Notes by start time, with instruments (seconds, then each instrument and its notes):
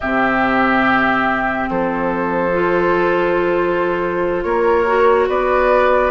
0.00 bassoon C3, clarinet C4, oboe G4, flute E5
1.69 bassoon F3, oboe A4, flute C5
2.53 clarinet F4
4.43 bassoon A#3, oboe A#4, flute C#5
4.86 clarinet F#4
5.27 bassoon B3, oboe B4, flute D5